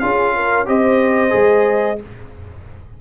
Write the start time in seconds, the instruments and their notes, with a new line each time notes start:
0.00 tuba C#4, trombone F4, horn G#4, trumpet F5
0.35 horn A#4
0.66 tuba C4, trombone G4, horn C5, trumpet D#5
1.30 tuba G#3, trombone G#4